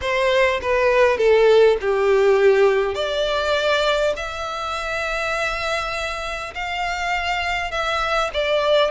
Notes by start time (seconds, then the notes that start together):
0.01 C5
0.61 B4
1.17 A4
1.81 G4
2.95 D5
4.16 E5
6.55 F5
7.71 E5
8.33 D5